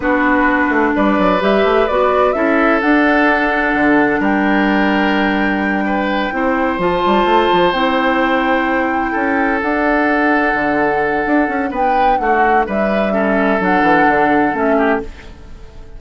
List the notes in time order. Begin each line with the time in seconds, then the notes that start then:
0.00 B3 D4 F#4 B4
0.69 A3
0.95 G3 B4 D5
1.18 F#3
1.40 G3 G4 E5
1.64 A3
1.87 B3 F#4 D5
2.32 C#4 E4 A4 E5
2.80 D4 F#5
3.74 D3
4.19 G3 A#4 G5
5.86 B4
6.31 C4 E4 C5
6.78 F3 F4 A5
7.06 G3
7.24 A3
7.52 F3
7.72 C4 E4 G5
9.11 C#4 A4
9.61 D4 F#5
10.53 D3
11.26 D4
11.48 C#4
11.70 B3 B4 G5
12.17 A3 F#4 F#5
12.66 G3 B4 E5
13.12 C#4 A4
13.59 F#3 D4 F#5
13.81 E3
14.07 D3
14.53 A3 C#4 E5
14.77 G4